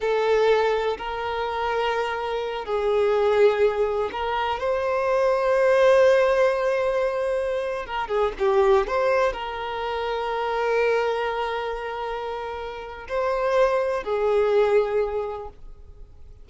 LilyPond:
\new Staff \with { instrumentName = "violin" } { \time 4/4 \tempo 4 = 124 a'2 ais'2~ | ais'4. gis'2~ gis'8~ | gis'8 ais'4 c''2~ c''8~ | c''1~ |
c''16 ais'8 gis'8 g'4 c''4 ais'8.~ | ais'1~ | ais'2. c''4~ | c''4 gis'2. | }